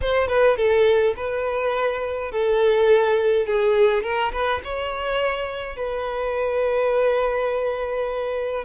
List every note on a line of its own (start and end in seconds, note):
0.01 0.28 C5
0.28 0.56 B4
0.56 1.14 A4
1.16 2.31 B4
2.31 3.46 A4
3.46 4.03 G#4
4.03 4.31 A#4
4.32 4.61 B4
4.63 5.76 C#5
5.76 8.64 B4